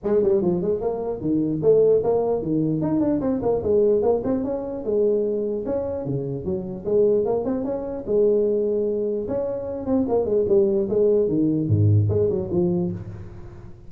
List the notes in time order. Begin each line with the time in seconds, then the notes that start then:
0.03 G#3
0.22 G3
0.41 F3
0.61 G#3
0.80 A#3
1.20 D#3
1.62 A3
2.03 A#3
2.42 D#3
2.81 D#4
3.00 D4
3.20 C4
3.42 A#3
3.63 G#3
4.02 A#3
4.24 C4
4.44 C#4
4.84 G#3
5.65 C#4
6.05 C#3
6.44 F#3
6.85 G#3
7.25 A#3
7.45 C4
7.64 C#4
8.06 G#3
9.28 C#4
9.85 C4
10.08 A#3
10.25 G#3
10.48 G3
10.89 G#3
11.28 D#3
11.68 G#2
12.09 G#3
12.29 F#3
12.51 F3